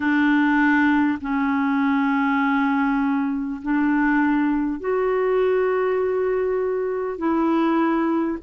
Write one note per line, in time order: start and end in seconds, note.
0.00 1.18 D4
1.21 3.61 C#4
3.62 4.79 D4
4.79 7.18 F#4
7.18 8.38 E4